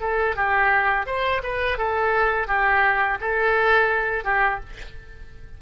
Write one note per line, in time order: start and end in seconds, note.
0.00 0.35 A4
0.35 1.06 G4
1.06 1.41 C5
1.42 1.77 B4
1.77 2.47 A4
2.47 3.18 G4
3.20 4.24 A4
4.24 4.59 G4